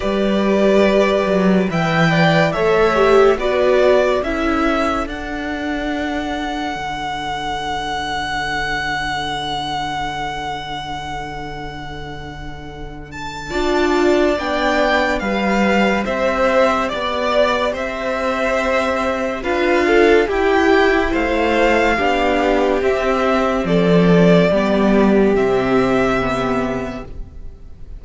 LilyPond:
<<
  \new Staff \with { instrumentName = "violin" } { \time 4/4 \tempo 4 = 71 d''2 g''4 e''4 | d''4 e''4 fis''2~ | fis''1~ | fis''2.~ fis''8 a''8~ |
a''4 g''4 f''4 e''4 | d''4 e''2 f''4 | g''4 f''2 e''4 | d''2 e''2 | }
  \new Staff \with { instrumentName = "violin" } { \time 4/4 b'2 e''8 d''8 cis''4 | b'4 a'2.~ | a'1~ | a'1 |
d''2 b'4 c''4 | d''4 c''2 b'8 a'8 | g'4 c''4 g'2 | a'4 g'2. | }
  \new Staff \with { instrumentName = "viola" } { \time 4/4 g'2 b'4 a'8 g'8 | fis'4 e'4 d'2~ | d'1~ | d'1 |
f'4 d'4 g'2~ | g'2. f'4 | e'2 d'4 c'4~ | c'4 b4 c'4 b4 | }
  \new Staff \with { instrumentName = "cello" } { \time 4/4 g4. fis8 e4 a4 | b4 cis'4 d'2 | d1~ | d1 |
d'4 b4 g4 c'4 | b4 c'2 d'4 | e'4 a4 b4 c'4 | f4 g4 c2 | }
>>